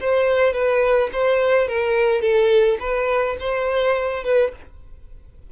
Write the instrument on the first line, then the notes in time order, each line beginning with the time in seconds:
violin
0.00 C5
0.53 B4
1.12 C5
1.67 A#4
2.21 A4
2.80 B4
3.40 C5
4.23 B4